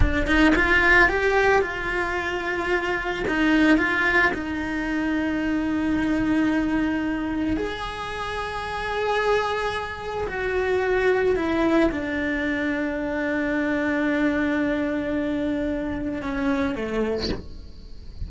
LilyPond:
\new Staff \with { instrumentName = "cello" } { \time 4/4 \tempo 4 = 111 d'8 dis'8 f'4 g'4 f'4~ | f'2 dis'4 f'4 | dis'1~ | dis'2 gis'2~ |
gis'2. fis'4~ | fis'4 e'4 d'2~ | d'1~ | d'2 cis'4 a4 | }